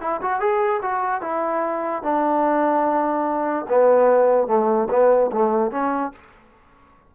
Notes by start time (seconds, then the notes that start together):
0.00 E4
0.21 F#4
0.40 G#4
0.82 F#4
1.21 E4
2.02 D4
3.68 B3
4.47 A3
4.90 B3
5.32 A3
5.71 C#4